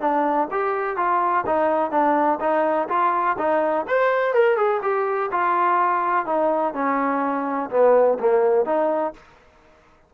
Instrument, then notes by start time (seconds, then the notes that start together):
trombone
0.00 D4
0.51 G4
0.97 F4
1.46 D#4
1.91 D4
2.40 D#4
2.88 F4
3.38 D#4
3.88 C5
4.34 A#4
4.57 G#4
4.82 G4
5.31 F4
6.26 D#4
6.74 C#4
7.70 B3
8.19 A#3
8.65 D#4